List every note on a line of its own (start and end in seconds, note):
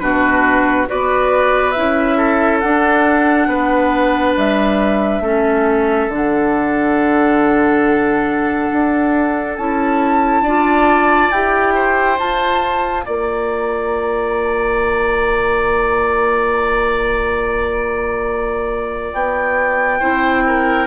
0.00 0.88 B2
0.00 0.88 D4
0.00 0.89 F#4
0.00 0.87 B4
0.88 1.78 B3
0.88 1.75 F#4
0.88 2.18 B4
0.88 1.72 D5
1.72 2.63 E4
1.72 2.59 E5
1.78 2.64 C#4
2.18 3.48 A4
2.60 3.48 D4
2.60 5.24 D4
2.60 4.34 F#5
3.48 4.35 B3
3.48 5.23 B4
4.37 5.21 G3
4.37 6.11 E5
5.21 6.08 A3
5.21 6.11 C#4
5.21 10.44 A4
6.09 8.69 D3
6.09 9.59 D4
6.09 9.58 F#5
8.73 9.59 D4
9.58 10.42 C#4
9.58 10.46 E4
9.58 11.31 A5
10.42 11.29 D4
10.42 11.33 F4
10.42 11.74 D5
11.31 12.19 E4
11.31 12.18 G4
11.31 12.18 G5
11.75 13.05 C5
12.18 20.00 F4
12.18 13.07 F4
12.18 13.05 A5
13.05 19.14 A#3
13.05 20.00 D5
13.05 19.14 A#5
19.14 20.01 B3
19.14 20.87 G5
20.00 20.87 C4
20.00 20.87 E4
20.00 20.44 C5
20.47 20.87 A#4